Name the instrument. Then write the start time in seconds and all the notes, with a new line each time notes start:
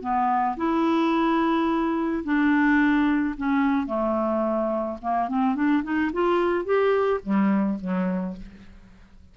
clarinet
0.00 B3
0.57 E4
2.23 D4
3.37 C#4
3.86 A3
5.02 A#3
5.28 C4
5.55 D4
5.83 D#4
6.12 F4
6.65 G4
7.23 G3
7.81 F#3